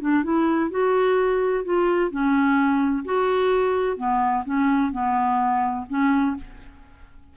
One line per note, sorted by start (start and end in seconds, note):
0.00 0.23 D4
0.23 0.70 E4
0.70 1.64 F#4
1.64 2.10 F4
2.10 3.04 C#4
3.04 3.97 F#4
3.97 4.43 B3
4.45 4.91 C#4
4.91 5.85 B3
5.89 6.36 C#4